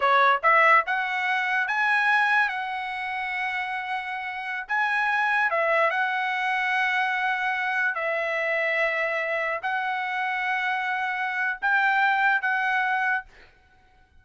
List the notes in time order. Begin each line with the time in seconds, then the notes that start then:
0.00 C#5
0.43 E5
0.86 F#5
1.67 G#5
2.48 F#5
4.68 G#5
5.50 E5
5.90 F#5
7.94 E5
9.62 F#5
11.61 G5
12.41 F#5